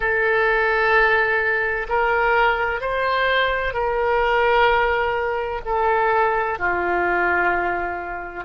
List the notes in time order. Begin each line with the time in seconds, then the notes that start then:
0.00 A4
1.88 A#4
2.80 C5
3.73 A#4
5.65 A4
6.59 F4